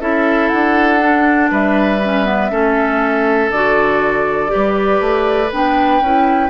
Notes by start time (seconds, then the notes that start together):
0.00 C#4 E4 A4 E5
0.49 D4 F#5
1.00 D4
1.51 G3 B4 E5
2.04 C#4
2.25 B3
2.50 A3 C#4 A4
3.49 D3 F#4 D5
4.47 G4
4.53 G3 B4
5.00 A3
5.51 B3 D4 G5
6.00 C#4 E4